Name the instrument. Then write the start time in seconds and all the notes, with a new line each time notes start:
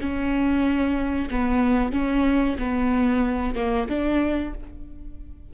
viola
0.00 C#4
1.30 B3
1.92 C#4
2.58 B3
3.55 A#3
3.89 D4